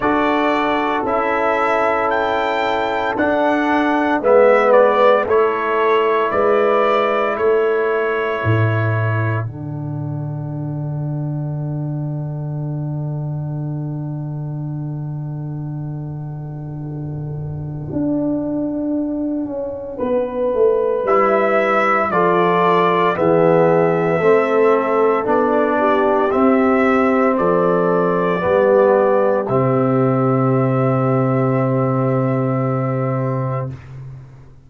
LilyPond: <<
  \new Staff \with { instrumentName = "trumpet" } { \time 4/4 \tempo 4 = 57 d''4 e''4 g''4 fis''4 | e''8 d''8 cis''4 d''4 cis''4~ | cis''4 fis''2.~ | fis''1~ |
fis''1 | e''4 d''4 e''2 | d''4 e''4 d''2 | e''1 | }
  \new Staff \with { instrumentName = "horn" } { \time 4/4 a'1 | b'4 a'4 b'4 a'4~ | a'1~ | a'1~ |
a'2. b'4~ | b'4 a'4 gis'4 a'4~ | a'8 g'4. a'4 g'4~ | g'1 | }
  \new Staff \with { instrumentName = "trombone" } { \time 4/4 fis'4 e'2 d'4 | b4 e'2.~ | e'4 d'2.~ | d'1~ |
d'1 | e'4 f'4 b4 c'4 | d'4 c'2 b4 | c'1 | }
  \new Staff \with { instrumentName = "tuba" } { \time 4/4 d'4 cis'2 d'4 | gis4 a4 gis4 a4 | a,4 d2.~ | d1~ |
d4 d'4. cis'8 b8 a8 | g4 f4 e4 a4 | b4 c'4 f4 g4 | c1 | }
>>